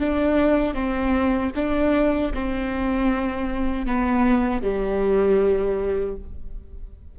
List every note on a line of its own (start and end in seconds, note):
0.00 0.74 D4
0.74 1.51 C4
1.56 2.33 D4
2.34 3.86 C4
3.86 4.62 B3
4.62 6.16 G3